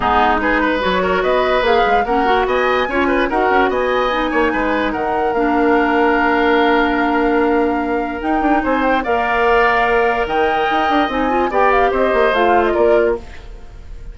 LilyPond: <<
  \new Staff \with { instrumentName = "flute" } { \time 4/4 \tempo 4 = 146 gis'4 b'4 cis''4 dis''4 | f''4 fis''4 gis''2 | fis''4 gis''2. | fis''4 f''2.~ |
f''1 | g''4 gis''8 g''8 f''2~ | f''4 g''2 gis''4 | g''8 f''8 dis''4 f''8. dis''16 d''4 | }
  \new Staff \with { instrumentName = "oboe" } { \time 4/4 dis'4 gis'8 b'4 ais'8 b'4~ | b'4 ais'4 dis''4 cis''8 b'8 | ais'4 dis''4. cis''8 b'4 | ais'1~ |
ais'1~ | ais'4 c''4 d''2~ | d''4 dis''2. | d''4 c''2 ais'4 | }
  \new Staff \with { instrumentName = "clarinet" } { \time 4/4 b4 dis'4 fis'2 | gis'4 cis'8 fis'4. f'4 | fis'2 dis'2~ | dis'4 d'2.~ |
d'1 | dis'2 ais'2~ | ais'2. dis'8 f'8 | g'2 f'2 | }
  \new Staff \with { instrumentName = "bassoon" } { \time 4/4 gis2 fis4 b4 | ais8 gis8 ais4 b4 cis'4 | dis'8 cis'8 b4. ais8 gis4 | dis4 ais2.~ |
ais1 | dis'8 d'8 c'4 ais2~ | ais4 dis4 dis'8 d'8 c'4 | b4 c'8 ais8 a4 ais4 | }
>>